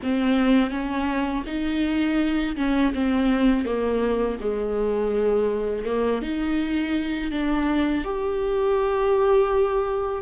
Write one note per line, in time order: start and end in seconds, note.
0.02 0.70 C4
0.70 1.43 C#4
1.46 2.56 D#4
2.56 2.93 C#4
2.94 3.65 C4
3.65 4.38 A#3
4.40 5.85 G#3
5.85 6.22 A#3
6.22 7.31 D#4
7.31 8.04 D4
8.04 10.22 G4